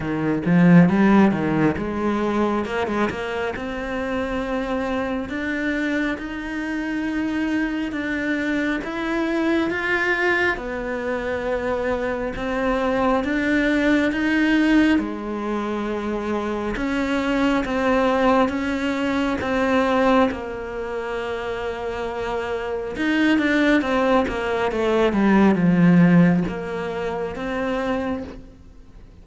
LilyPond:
\new Staff \with { instrumentName = "cello" } { \time 4/4 \tempo 4 = 68 dis8 f8 g8 dis8 gis4 ais16 gis16 ais8 | c'2 d'4 dis'4~ | dis'4 d'4 e'4 f'4 | b2 c'4 d'4 |
dis'4 gis2 cis'4 | c'4 cis'4 c'4 ais4~ | ais2 dis'8 d'8 c'8 ais8 | a8 g8 f4 ais4 c'4 | }